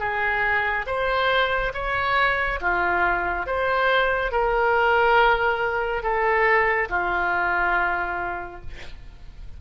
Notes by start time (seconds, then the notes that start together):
0.00 G#4
0.87 C5
1.74 C#5
2.61 F4
3.46 C5
4.32 A#4
6.03 A4
6.90 F4